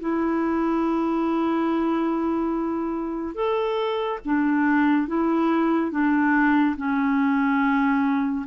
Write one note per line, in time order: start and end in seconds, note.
0.00 3.35 E4
3.35 4.19 A4
4.25 5.07 D4
5.07 5.91 E4
5.91 6.75 D4
6.76 8.45 C#4